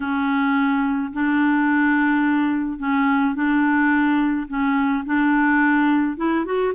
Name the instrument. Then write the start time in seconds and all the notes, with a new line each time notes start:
clarinet
0.00 C#4
1.12 D4
2.78 C#4
3.35 D4
4.48 C#4
5.05 D4
6.17 E4
6.45 F#4